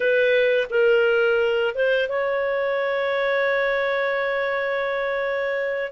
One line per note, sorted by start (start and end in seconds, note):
0.00 0.67 B4
0.70 1.74 A#4
1.74 2.08 C5
2.08 5.92 C#5